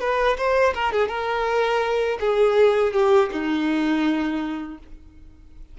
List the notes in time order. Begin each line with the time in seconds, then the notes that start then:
0.00 B4
0.37 C5
0.74 A#4
0.92 G#4
1.08 A#4
2.20 G#4
2.93 G4
3.32 D#4